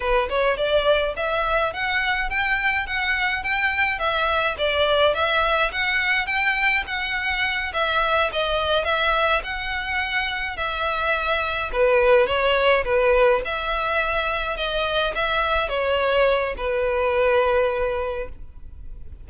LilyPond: \new Staff \with { instrumentName = "violin" } { \time 4/4 \tempo 4 = 105 b'8 cis''8 d''4 e''4 fis''4 | g''4 fis''4 g''4 e''4 | d''4 e''4 fis''4 g''4 | fis''4. e''4 dis''4 e''8~ |
e''8 fis''2 e''4.~ | e''8 b'4 cis''4 b'4 e''8~ | e''4. dis''4 e''4 cis''8~ | cis''4 b'2. | }